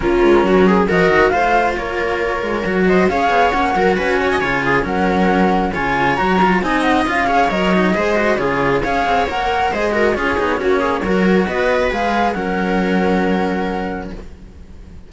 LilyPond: <<
  \new Staff \with { instrumentName = "flute" } { \time 4/4 \tempo 4 = 136 ais'2 dis''4 f''4 | cis''2~ cis''8 dis''8 f''4 | fis''4 gis''2 fis''4~ | fis''4 gis''4 ais''4 gis''8 fis''8 |
f''4 dis''2 cis''4 | f''4 fis''4 dis''4 cis''4~ | cis''2 dis''4 f''4 | fis''1 | }
  \new Staff \with { instrumentName = "viola" } { \time 4/4 f'4 fis'8 gis'8 ais'4 c''4 | ais'2~ ais'8 c''8 cis''4~ | cis''8 ais'8 b'8 cis''16 dis''16 cis''8 gis'8 ais'4~ | ais'4 cis''2 dis''4~ |
dis''8 cis''4. c''4 gis'4 | cis''2 c''8 ais'8 gis'4 | fis'8 gis'8 ais'4 b'2 | ais'1 | }
  \new Staff \with { instrumentName = "cello" } { \time 4/4 cis'2 fis'4 f'4~ | f'2 fis'4 gis'4 | cis'8 fis'4. f'4 cis'4~ | cis'4 f'4 fis'8 f'8 dis'4 |
f'8 gis'8 ais'8 dis'8 gis'8 fis'8 f'4 | gis'4 ais'4 gis'8 fis'8 f'8 dis'8 | cis'4 fis'2 gis'4 | cis'1 | }
  \new Staff \with { instrumentName = "cello" } { \time 4/4 ais8 gis8 fis4 f8 dis8 a4 | ais4. gis8 fis4 cis'8 b8 | ais8 fis8 cis'4 cis4 fis4~ | fis4 cis4 fis4 c'4 |
cis'4 fis4 gis4 cis4 | cis'8 c'8 ais4 gis4 cis'8 b8 | ais4 fis4 b4 gis4 | fis1 | }
>>